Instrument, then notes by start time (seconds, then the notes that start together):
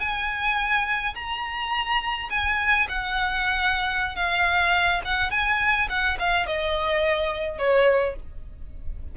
violin
0.00 G#5
1.15 A#5
2.30 G#5
2.89 F#5
4.16 F5
5.05 F#5
5.31 G#5
5.89 F#5
6.19 F5
6.46 D#5
7.58 C#5